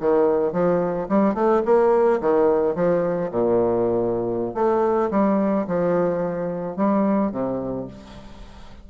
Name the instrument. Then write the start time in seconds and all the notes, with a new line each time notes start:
bassoon
0.00 D#3
0.53 F3
1.09 G3
1.35 A3
1.65 A#3
2.21 D#3
2.75 F3
3.31 A#2
4.55 A3
5.11 G3
5.67 F3
6.77 G3
7.31 C3